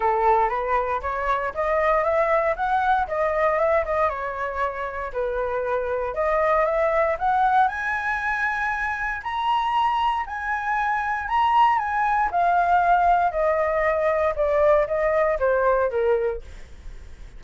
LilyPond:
\new Staff \with { instrumentName = "flute" } { \time 4/4 \tempo 4 = 117 a'4 b'4 cis''4 dis''4 | e''4 fis''4 dis''4 e''8 dis''8 | cis''2 b'2 | dis''4 e''4 fis''4 gis''4~ |
gis''2 ais''2 | gis''2 ais''4 gis''4 | f''2 dis''2 | d''4 dis''4 c''4 ais'4 | }